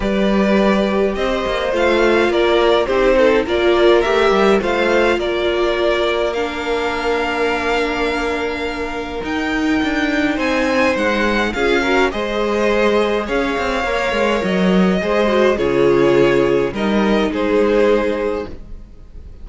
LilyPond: <<
  \new Staff \with { instrumentName = "violin" } { \time 4/4 \tempo 4 = 104 d''2 dis''4 f''4 | d''4 c''4 d''4 e''4 | f''4 d''2 f''4~ | f''1 |
g''2 gis''4 fis''4 | f''4 dis''2 f''4~ | f''4 dis''2 cis''4~ | cis''4 dis''4 c''2 | }
  \new Staff \with { instrumentName = "violin" } { \time 4/4 b'2 c''2 | ais'4 g'8 a'8 ais'2 | c''4 ais'2.~ | ais'1~ |
ais'2 c''2 | gis'8 ais'8 c''2 cis''4~ | cis''2 c''4 gis'4~ | gis'4 ais'4 gis'2 | }
  \new Staff \with { instrumentName = "viola" } { \time 4/4 g'2. f'4~ | f'4 dis'4 f'4 g'4 | f'2. d'4~ | d'1 |
dis'1 | f'8 fis'8 gis'2. | ais'2 gis'8 fis'8 f'4~ | f'4 dis'2. | }
  \new Staff \with { instrumentName = "cello" } { \time 4/4 g2 c'8 ais8 a4 | ais4 c'4 ais4 a8 g8 | a4 ais2.~ | ais1 |
dis'4 d'4 c'4 gis4 | cis'4 gis2 cis'8 c'8 | ais8 gis8 fis4 gis4 cis4~ | cis4 g4 gis2 | }
>>